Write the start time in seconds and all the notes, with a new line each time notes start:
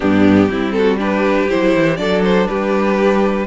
0.00 G2 B3 D4 G4
0.49 G3 C4 E4
0.72 F#4 A4
0.98 D4 G4 B4
1.49 F#3 E4 C5
1.75 E3
1.96 F#3 D4 A4 D5
2.23 C5
2.47 G3 G4 B4